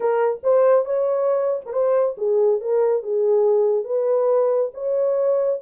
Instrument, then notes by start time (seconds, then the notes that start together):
horn
0.00 A#4
0.43 C5
0.85 C#5
1.65 A#4
1.73 C5
2.17 G#4
2.60 A#4
3.02 G#4
3.84 B4
4.73 C#5